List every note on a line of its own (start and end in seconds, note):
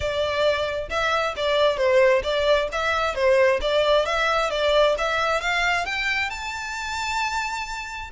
0.00 0.89 D5
0.89 1.34 E5
1.36 1.77 D5
1.77 2.22 C5
2.23 2.68 D5
2.72 3.14 E5
3.14 3.59 C5
3.61 4.05 D5
4.05 4.50 E5
4.50 4.95 D5
4.97 5.40 E5
5.40 5.85 F5
5.85 6.30 G5
6.30 8.10 A5